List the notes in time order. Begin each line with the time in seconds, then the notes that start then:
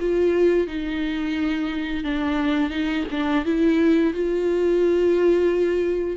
0.00 F4
0.67 D#4
2.04 D4
2.70 D#4
3.11 D4
3.45 E4
4.14 F4